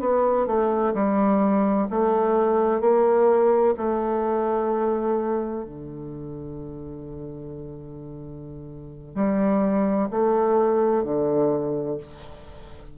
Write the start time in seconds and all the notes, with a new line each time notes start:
0.00 B3
0.46 A3
0.94 G3
1.90 A3
2.81 A#3
3.77 A3
5.64 D3
9.15 G3
10.11 A3
11.04 D3